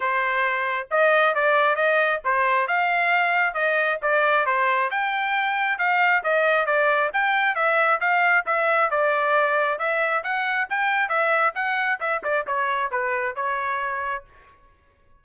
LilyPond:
\new Staff \with { instrumentName = "trumpet" } { \time 4/4 \tempo 4 = 135 c''2 dis''4 d''4 | dis''4 c''4 f''2 | dis''4 d''4 c''4 g''4~ | g''4 f''4 dis''4 d''4 |
g''4 e''4 f''4 e''4 | d''2 e''4 fis''4 | g''4 e''4 fis''4 e''8 d''8 | cis''4 b'4 cis''2 | }